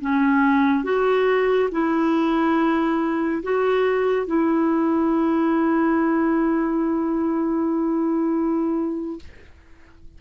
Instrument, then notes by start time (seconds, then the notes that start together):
clarinet
0.00 C#4
0.83 F#4
1.71 E4
3.43 F#4
4.26 E4